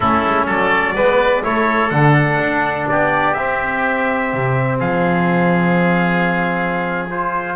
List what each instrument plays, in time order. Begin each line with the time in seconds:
0.00 double bass A3, trombone C#4, oboe E4, trumpet A4
0.26 double bass G#3
0.45 double bass F#3, oboe A4, trumpet D5
0.95 double bass G#3, trombone B3, oboe B4
1.43 double bass A3, trombone E4, oboe A4, trumpet C#5
1.90 double bass D3, trombone D4, trumpet F#5
2.39 double bass D4
2.88 double bass B3, oboe G4, trumpet D5
3.34 double bass C4, trombone C4, trumpet E5
4.33 double bass C3
4.78 double bass F3, oboe G#4, trumpet F5
7.09 trombone F4, trumpet C5